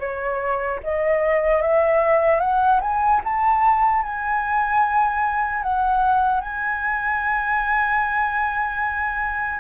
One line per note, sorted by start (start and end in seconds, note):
0.00 0.80 C#5
0.84 1.62 D#5
1.62 2.41 E5
2.41 2.81 F#5
2.81 3.21 G#5
3.25 4.03 A5
4.03 5.63 G#5
5.63 6.41 F#5
6.41 9.60 G#5